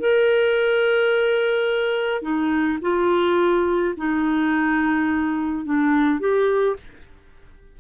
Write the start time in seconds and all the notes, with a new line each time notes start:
0.00 A#4
2.22 D#4
2.82 F4
3.97 D#4
5.65 D4
6.20 G4